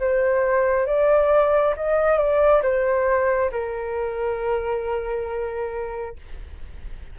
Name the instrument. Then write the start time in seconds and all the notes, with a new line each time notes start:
flute
0.00 C5
0.87 D5
1.76 D#5
2.18 D5
2.63 C5
3.52 A#4